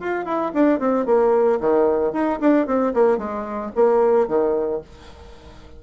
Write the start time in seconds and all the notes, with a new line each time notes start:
0.00 F4
0.25 E4
0.54 D4
0.80 C4
1.06 A#3
1.60 D#3
2.13 D#4
2.40 D4
2.67 C4
2.94 A#3
3.18 G#3
3.75 A#3
4.28 D#3